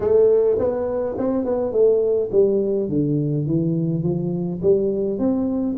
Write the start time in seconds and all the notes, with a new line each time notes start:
0.00 A3
0.58 B3
1.17 C4
1.44 B3
1.72 A3
2.31 G3
2.88 D3
3.46 E3
4.03 F3
4.62 G3
5.18 C4